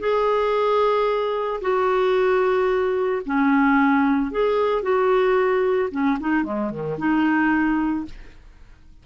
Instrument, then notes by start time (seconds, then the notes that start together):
clarinet
0.00 G#4
1.61 F#4
3.26 C#4
4.31 G#4
4.82 F#4
5.91 C#4
6.20 D#4
6.44 G#3
6.71 D#3
6.98 D#4